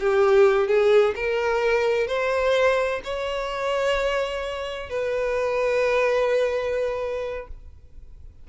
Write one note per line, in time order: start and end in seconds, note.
0.00 0.68 G4
0.68 1.15 G#4
1.16 2.08 A#4
2.08 3.01 C5
3.04 4.90 C#5
4.90 7.48 B4